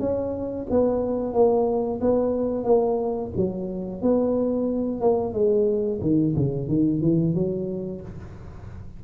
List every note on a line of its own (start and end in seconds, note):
0.00 0.67 C#4
0.70 1.33 B3
1.33 2.00 A#3
2.01 2.64 B3
2.64 3.31 A#3
3.37 4.02 F#3
4.02 5.01 B3
5.01 5.33 A#3
5.33 6.00 G#3
6.02 6.35 D#3
6.36 6.68 C#3
6.68 7.02 D#3
7.02 7.35 E3
7.35 8.02 F#3